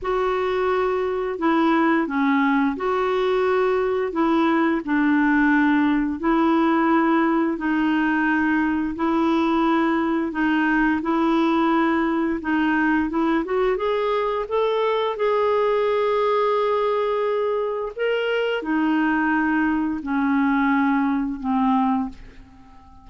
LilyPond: \new Staff \with { instrumentName = "clarinet" } { \time 4/4 \tempo 4 = 87 fis'2 e'4 cis'4 | fis'2 e'4 d'4~ | d'4 e'2 dis'4~ | dis'4 e'2 dis'4 |
e'2 dis'4 e'8 fis'8 | gis'4 a'4 gis'2~ | gis'2 ais'4 dis'4~ | dis'4 cis'2 c'4 | }